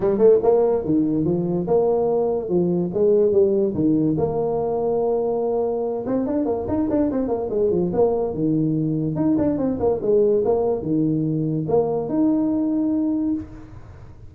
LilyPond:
\new Staff \with { instrumentName = "tuba" } { \time 4/4 \tempo 4 = 144 g8 a8 ais4 dis4 f4 | ais2 f4 gis4 | g4 dis4 ais2~ | ais2~ ais8 c'8 d'8 ais8 |
dis'8 d'8 c'8 ais8 gis8 f8 ais4 | dis2 dis'8 d'8 c'8 ais8 | gis4 ais4 dis2 | ais4 dis'2. | }